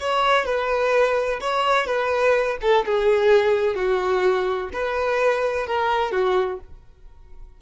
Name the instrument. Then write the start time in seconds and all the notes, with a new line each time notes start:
violin
0.00 C#5
0.46 B4
1.41 C#5
1.87 B4
2.62 A4
2.86 G#4
3.76 F#4
4.73 B4
5.67 A#4
6.12 F#4